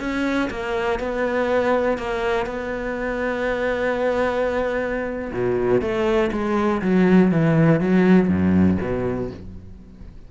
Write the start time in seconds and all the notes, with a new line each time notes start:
0.00 C#4
0.50 A#3
0.99 B3
1.98 A#3
2.46 B3
5.33 B2
5.81 A3
6.32 G#3
6.82 F#3
7.32 E3
7.81 F#3
8.28 F#2
8.81 B2